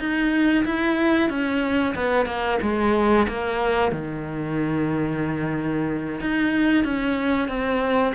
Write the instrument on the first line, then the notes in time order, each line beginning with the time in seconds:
cello
0.00 D#4
0.65 E4
1.30 C#4
1.96 B3
2.26 A#3
2.62 G#3
3.29 A#3
3.92 D#3
6.21 D#4
6.84 C#4
7.49 C4